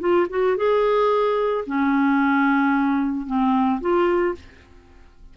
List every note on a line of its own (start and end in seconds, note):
0.00 0.27 F4
0.30 0.57 F#4
0.57 1.65 G#4
1.67 3.27 C#4
3.27 3.81 C4
3.81 4.35 F4